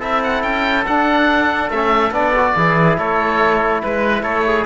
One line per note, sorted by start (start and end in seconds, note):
0.00 0.44 C4
0.00 0.85 E4
0.00 2.54 A4
0.00 0.23 E5
0.24 0.43 F#5
0.43 0.86 C#4
0.43 0.85 G5
0.87 1.72 D4
0.87 1.70 D4
0.87 1.71 F#5
1.70 2.11 A3
1.70 2.12 C#4
1.70 2.13 E5
2.11 2.54 B3
2.11 2.33 D4
2.11 2.98 D5
2.37 2.58 F#4
2.57 2.98 E3
2.57 4.66 E4
2.57 2.99 G#4
2.98 3.83 A3
2.98 3.84 A4
2.98 3.82 C#5
3.83 4.23 G#3
3.83 4.23 B4
3.83 4.24 B4
4.23 4.65 A3
4.23 4.45 A4
4.23 4.65 C#5
4.48 4.66 G#4